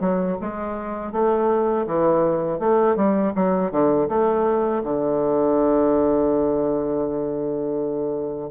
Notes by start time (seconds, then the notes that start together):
0.00 F#3
0.41 G#3
1.12 A3
1.86 E3
2.59 A3
2.96 G3
3.35 F#3
3.71 D3
4.08 A3
4.84 D3